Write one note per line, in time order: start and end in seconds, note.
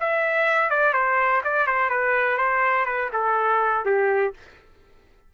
0.00 0.70 E5
0.70 0.93 D5
0.93 1.42 C5
1.45 1.67 D5
1.67 1.90 C5
1.90 2.38 B4
2.38 2.86 C5
2.86 3.10 B4
3.13 3.85 A4
3.85 4.34 G4